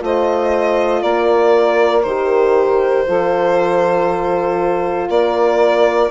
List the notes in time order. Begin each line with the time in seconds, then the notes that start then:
0.00 A3 F4 C5 D#5
1.01 A#3 A#4 D5
2.03 D#3 G4 C5
3.07 F3 F4 A4
5.09 A#3 A#4 D5